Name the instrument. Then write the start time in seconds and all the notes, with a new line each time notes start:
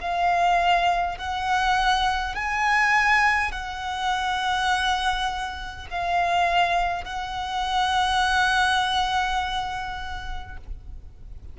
violin
0.00 F5
1.18 F#5
2.35 G#5
3.51 F#5
5.90 F5
7.04 F#5